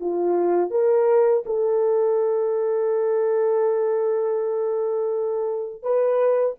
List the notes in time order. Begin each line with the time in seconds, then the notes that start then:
0.00 F4
0.70 A#4
1.45 A4
5.82 B4